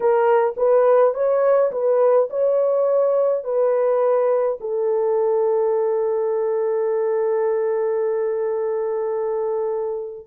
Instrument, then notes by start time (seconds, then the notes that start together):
horn
0.00 A#4
0.56 B4
1.14 C#5
1.71 B4
2.30 C#5
3.44 B4
4.60 A4